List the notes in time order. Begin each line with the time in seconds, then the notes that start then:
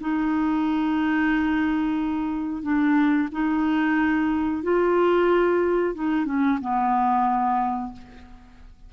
0.00 D#4
2.63 D4
3.31 D#4
4.63 F4
5.94 D#4
6.25 C#4
6.61 B3